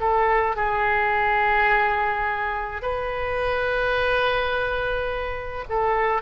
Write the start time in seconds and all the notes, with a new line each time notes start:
0.00 A4
0.56 G#4
2.82 B4
5.69 A4